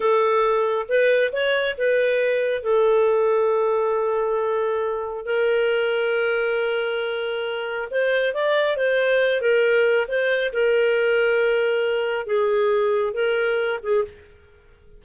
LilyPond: \new Staff \with { instrumentName = "clarinet" } { \time 4/4 \tempo 4 = 137 a'2 b'4 cis''4 | b'2 a'2~ | a'1 | ais'1~ |
ais'2 c''4 d''4 | c''4. ais'4. c''4 | ais'1 | gis'2 ais'4. gis'8 | }